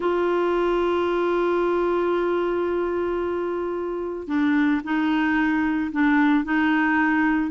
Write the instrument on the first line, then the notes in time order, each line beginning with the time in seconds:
clarinet
0.00 F4
4.27 D4
4.84 D#4
5.91 D4
6.44 D#4